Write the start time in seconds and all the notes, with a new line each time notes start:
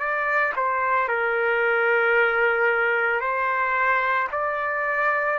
0.00 D5
0.56 C5
1.09 A#4
3.21 C5
4.32 D5